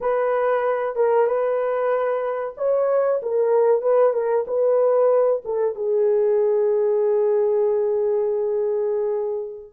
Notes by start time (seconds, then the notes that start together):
0.00 B4
0.95 A#4
1.26 B4
2.57 C#5
3.22 A#4
3.82 B4
4.13 A#4
4.47 B4
5.44 A4
5.75 G#4